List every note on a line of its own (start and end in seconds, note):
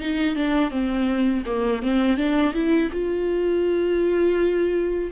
0.00 0.35 D#4
0.35 0.71 D4
0.71 1.44 C4
1.46 1.82 A#3
1.82 2.17 C4
2.17 2.53 D4
2.53 2.90 E4
2.92 5.11 F4